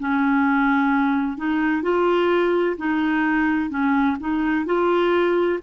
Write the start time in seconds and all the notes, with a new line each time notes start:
0.00 C#4
1.38 D#4
1.83 F4
2.77 D#4
3.70 C#4
4.20 D#4
4.66 F4